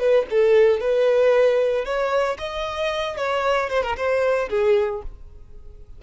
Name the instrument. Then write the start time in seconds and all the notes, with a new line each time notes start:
violin
0.00 B4
0.30 A4
0.80 B4
1.85 C#5
2.38 D#5
3.17 C#5
3.70 C5
3.83 A#4
3.97 C5
4.50 G#4